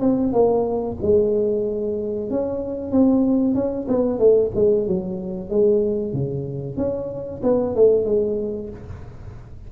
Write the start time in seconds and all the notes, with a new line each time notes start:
0.00 C4
0.32 A#3
1.01 G#3
2.30 C#4
2.91 C4
3.54 C#4
3.88 B3
4.18 A3
4.55 G#3
4.87 F#3
5.50 G#3
6.13 C#3
6.77 C#4
7.43 B3
7.75 A3
8.05 G#3